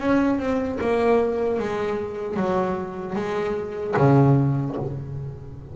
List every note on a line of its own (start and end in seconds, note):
0.00 0.39 C#4
0.39 0.79 C4
0.81 1.60 A#3
1.60 2.37 G#3
2.37 3.16 F#3
3.16 3.95 G#3
3.97 4.76 C#3